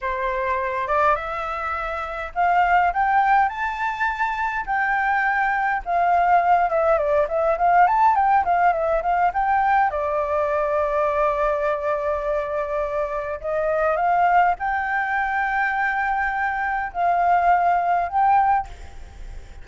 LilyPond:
\new Staff \with { instrumentName = "flute" } { \time 4/4 \tempo 4 = 103 c''4. d''8 e''2 | f''4 g''4 a''2 | g''2 f''4. e''8 | d''8 e''8 f''8 a''8 g''8 f''8 e''8 f''8 |
g''4 d''2.~ | d''2. dis''4 | f''4 g''2.~ | g''4 f''2 g''4 | }